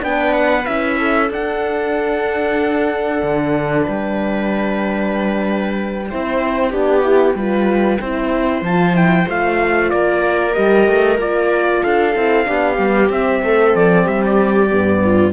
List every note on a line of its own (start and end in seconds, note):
0.00 0.66 B3
0.00 0.64 D4
0.00 0.97 B4
0.00 0.34 G5
0.34 0.65 F#5
0.65 1.30 C#4
0.65 1.29 E4
0.65 1.29 E5
0.98 3.83 A4
1.30 3.21 D4
1.30 6.10 D4
1.30 3.85 F#5
3.22 3.86 D3
3.83 6.11 G3
3.83 6.06 B4
3.83 8.64 G5
6.10 6.73 C4
6.10 6.71 E4
6.10 6.70 C5
6.70 7.34 B3
6.70 7.02 D4
6.70 7.34 G4
7.02 7.34 E4
7.34 7.98 G3
7.34 8.01 F4
7.34 8.00 B4
8.01 8.61 C4
8.01 8.64 E4
8.01 9.91 C5
8.61 9.25 F3
8.61 8.93 F4
8.61 8.96 A5
8.93 9.25 E4
8.93 9.28 G5
9.26 9.92 A3
9.26 10.54 F4
9.26 9.90 F5
9.90 10.56 A#3
9.90 11.82 A#4
9.90 10.54 D5
10.54 10.88 G3
10.54 11.17 G4
10.54 11.18 D#5
10.88 11.18 A3
11.18 11.82 A#3
11.18 12.14 F4
11.18 11.83 D5
11.82 12.15 D4
11.82 12.46 A4
11.82 13.11 F5
12.15 12.47 C4
12.15 12.44 E4
12.44 12.78 B3
12.44 12.76 D4
12.44 13.43 G4
12.78 13.09 G3
12.78 13.10 B3
13.09 13.41 C4
13.09 14.70 C4
13.09 13.75 E5
13.42 13.74 A3
13.42 14.04 A4
13.74 14.06 F3
13.74 14.07 D5
14.04 14.71 G3
14.04 14.99 G4
14.04 14.22 E5
14.25 15.33 D5
14.70 15.33 G2
14.70 15.33 B3
15.04 15.33 F4